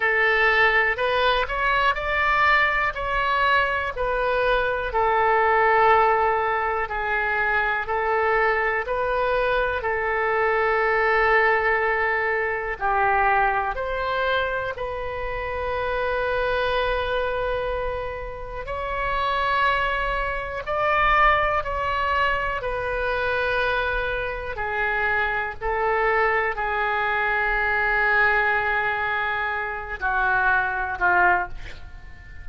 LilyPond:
\new Staff \with { instrumentName = "oboe" } { \time 4/4 \tempo 4 = 61 a'4 b'8 cis''8 d''4 cis''4 | b'4 a'2 gis'4 | a'4 b'4 a'2~ | a'4 g'4 c''4 b'4~ |
b'2. cis''4~ | cis''4 d''4 cis''4 b'4~ | b'4 gis'4 a'4 gis'4~ | gis'2~ gis'8 fis'4 f'8 | }